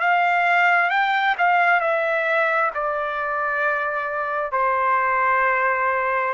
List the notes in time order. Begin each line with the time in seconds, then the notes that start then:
0.00 F5
0.90 G5
1.38 F5
1.81 E5
2.74 D5
4.52 C5